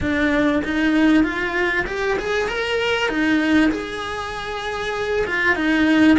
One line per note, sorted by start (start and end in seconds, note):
0.00 0.62 D4
0.64 1.23 D#4
1.23 1.85 F4
1.86 2.17 G4
2.18 2.48 G#4
2.48 3.08 A#4
3.08 3.70 D#4
3.71 5.25 G#4
5.26 5.55 F4
5.55 6.17 D#4